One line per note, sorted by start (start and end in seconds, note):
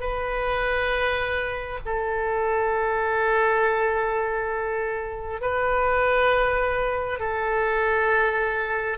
0.00 1.79 B4
1.85 5.41 A4
5.41 7.19 B4
7.19 8.98 A4